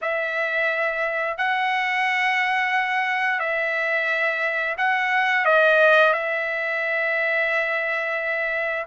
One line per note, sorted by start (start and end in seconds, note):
0.01 1.37 E5
1.37 3.39 F#5
3.39 4.75 E5
4.77 5.45 F#5
5.45 6.13 D#5
6.13 8.85 E5